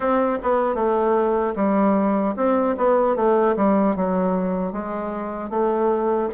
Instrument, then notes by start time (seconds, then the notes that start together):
bassoon
0.00 C4
0.42 B3
0.75 A3
1.55 G3
2.36 C4
2.77 B3
3.15 A3
3.56 G3
3.96 F#3
4.72 G#3
5.49 A3